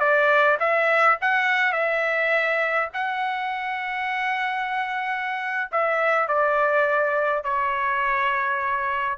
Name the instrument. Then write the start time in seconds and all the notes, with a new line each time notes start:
trumpet
0.00 D5
0.60 E5
1.22 F#5
1.73 E5
2.94 F#5
5.72 E5
6.28 D5
7.44 C#5